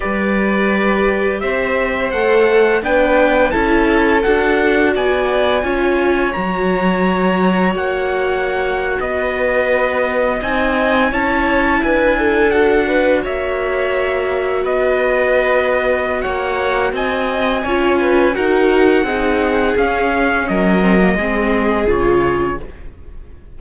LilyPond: <<
  \new Staff \with { instrumentName = "trumpet" } { \time 4/4 \tempo 4 = 85 d''2 e''4 fis''4 | g''4 a''4 fis''4 gis''4~ | gis''4 ais''2 fis''4~ | fis''8. dis''2 gis''4 a''16~ |
a''8. gis''4 fis''4 e''4~ e''16~ | e''8. dis''2~ dis''16 fis''4 | gis''2 fis''2 | f''4 dis''2 cis''4 | }
  \new Staff \with { instrumentName = "violin" } { \time 4/4 b'2 c''2 | b'4 a'2 d''4 | cis''1~ | cis''8. b'2 dis''4 cis''16~ |
cis''8. b'8 a'4 b'8 cis''4~ cis''16~ | cis''8. b'2~ b'16 cis''4 | dis''4 cis''8 b'8 ais'4 gis'4~ | gis'4 ais'4 gis'2 | }
  \new Staff \with { instrumentName = "viola" } { \time 4/4 g'2. a'4 | d'4 e'4 fis'2 | f'4 fis'2.~ | fis'2~ fis'8. dis'4 e'16~ |
e'4.~ e'16 fis'2~ fis'16~ | fis'1~ | fis'4 f'4 fis'4 dis'4 | cis'4. c'16 ais16 c'4 f'4 | }
  \new Staff \with { instrumentName = "cello" } { \time 4/4 g2 c'4 a4 | b4 cis'4 d'4 b4 | cis'4 fis2 ais4~ | ais8. b2 c'4 cis'16~ |
cis'8. d'2 ais4~ ais16~ | ais8. b2~ b16 ais4 | c'4 cis'4 dis'4 c'4 | cis'4 fis4 gis4 cis4 | }
>>